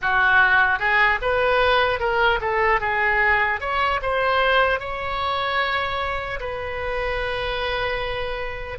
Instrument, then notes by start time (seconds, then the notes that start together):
oboe
0.01 F#4
0.79 G#4
1.21 B4
1.99 A#4
2.40 A4
2.80 G#4
3.60 C#5
4.01 C5
4.79 C#5
6.40 B4